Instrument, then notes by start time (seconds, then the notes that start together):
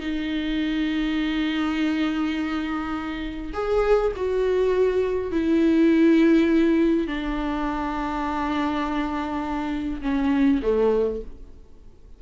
viola
0.00 D#4
3.53 G#4
4.16 F#4
5.31 E4
7.07 D4
10.02 C#4
10.62 A3